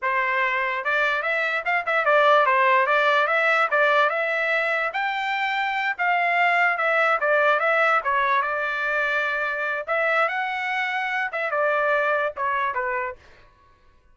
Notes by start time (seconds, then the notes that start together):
0.02 C5
0.84 D5
1.22 E5
1.65 F5
1.86 E5
2.05 D5
2.46 C5
2.86 D5
3.27 E5
3.70 D5
4.09 E5
4.93 G5
5.98 F5
6.77 E5
7.20 D5
7.59 E5
8.03 C#5
8.42 D5
9.87 E5
10.28 F#5
11.32 E5
11.50 D5
12.36 C#5
12.74 B4